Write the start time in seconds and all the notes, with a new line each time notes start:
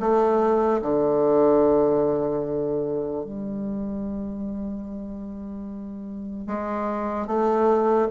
0.00 A3
0.82 D3
3.24 G3
6.47 G#3
7.27 A3